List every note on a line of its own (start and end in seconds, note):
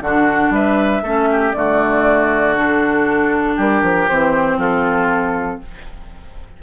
0.00 0.50 D3
0.00 1.02 D4
0.00 0.53 F#4
0.00 0.52 F#5
0.50 1.01 G3
0.50 1.02 B4
0.50 1.52 E5
1.02 1.53 A3
1.02 1.54 C#4
1.02 1.28 A4
1.30 1.56 G4
1.52 3.57 D3
1.52 2.55 A3
1.52 3.55 F#4
1.52 2.54 D5
2.55 4.08 D4
2.55 3.56 A4
3.55 3.81 G3
3.55 4.57 G4
3.55 4.08 A#4
3.81 4.07 F3
4.08 4.56 E3
4.08 5.62 C4
4.08 4.59 C5
4.56 5.58 F3
4.56 5.60 F4
4.56 5.61 A4